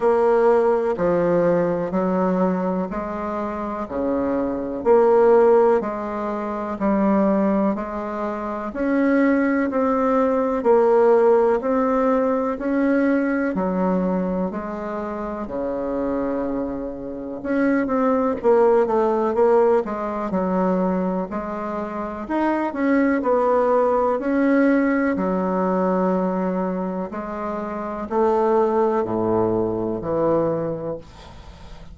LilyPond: \new Staff \with { instrumentName = "bassoon" } { \time 4/4 \tempo 4 = 62 ais4 f4 fis4 gis4 | cis4 ais4 gis4 g4 | gis4 cis'4 c'4 ais4 | c'4 cis'4 fis4 gis4 |
cis2 cis'8 c'8 ais8 a8 | ais8 gis8 fis4 gis4 dis'8 cis'8 | b4 cis'4 fis2 | gis4 a4 a,4 e4 | }